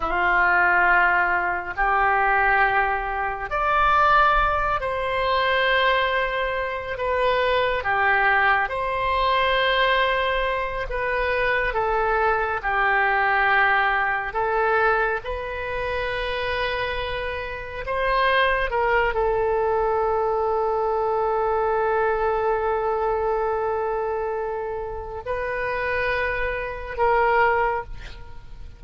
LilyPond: \new Staff \with { instrumentName = "oboe" } { \time 4/4 \tempo 4 = 69 f'2 g'2 | d''4. c''2~ c''8 | b'4 g'4 c''2~ | c''8 b'4 a'4 g'4.~ |
g'8 a'4 b'2~ b'8~ | b'8 c''4 ais'8 a'2~ | a'1~ | a'4 b'2 ais'4 | }